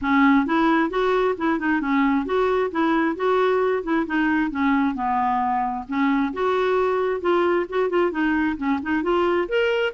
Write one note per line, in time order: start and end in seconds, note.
0.01 0.46 C#4
0.46 0.89 E4
0.89 1.35 F#4
1.37 1.59 E4
1.59 1.80 D#4
1.80 2.25 C#4
2.25 2.70 F#4
2.71 3.16 E4
3.16 3.83 F#4
3.83 4.06 E4
4.06 4.51 D#4
4.51 4.95 C#4
4.95 5.85 B3
5.87 6.33 C#4
6.33 7.21 F#4
7.21 7.66 F4
7.69 7.89 F#4
7.89 8.11 F4
8.11 8.56 D#4
8.57 8.79 C#4
8.82 9.02 D#4
9.02 9.47 F4
9.48 9.93 A#4